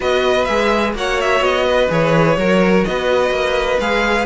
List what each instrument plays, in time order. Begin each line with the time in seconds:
0.00 cello B3, viola F#4, violin B4 D#5
0.45 cello G#3, viola G#4, violin E5
0.94 cello A#3, viola F#4, violin C#5 F#5
1.20 violin E5
1.40 cello B3, violin D#5
1.65 violin B4
1.89 cello E3, viola G#4, violin C#5
2.36 cello F#3, viola F#4, violin A#4
2.84 cello B3, violin B4 D#5
3.30 cello A#3
3.79 cello G#3, viola G#4, violin F5